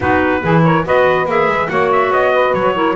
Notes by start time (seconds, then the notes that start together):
0.00 B3 D#4 F#4 B4
0.42 E3 E4 G#4
0.63 A#4 C#5
0.84 B3 F#4 B4 D#5
1.25 A#3 G#4 E5
1.46 G#3
1.68 A#3 F#4 C#5 F#5
1.91 E5
2.10 B3 D#5
2.32 B4
2.53 F#3 C#5
2.73 E4 A#4